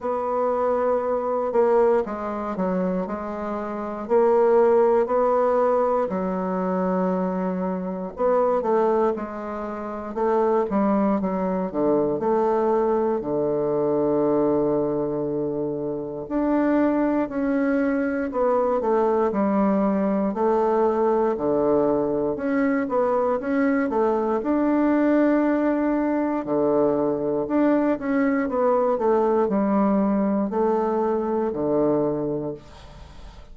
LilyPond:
\new Staff \with { instrumentName = "bassoon" } { \time 4/4 \tempo 4 = 59 b4. ais8 gis8 fis8 gis4 | ais4 b4 fis2 | b8 a8 gis4 a8 g8 fis8 d8 | a4 d2. |
d'4 cis'4 b8 a8 g4 | a4 d4 cis'8 b8 cis'8 a8 | d'2 d4 d'8 cis'8 | b8 a8 g4 a4 d4 | }